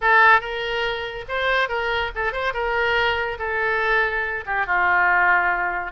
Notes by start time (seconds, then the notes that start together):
0.01 A4
0.40 A#4
1.28 C5
1.69 A#4
2.15 A4
2.32 C5
2.53 A#4
3.38 A4
4.46 G4
4.66 F4